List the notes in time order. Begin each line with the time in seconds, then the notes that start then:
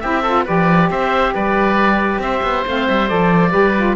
0.00 C4 E4 G4 E5
0.22 F4 A4
0.44 F3 G4 B4 D5
0.90 C4 C5 E5
1.34 G3 B4 D5
2.19 C4 C5 E5
2.43 B3
2.66 A3 C4 F5
2.88 G3 E5
3.08 F3 A4 D5
3.50 G3 G4 B4
3.77 F4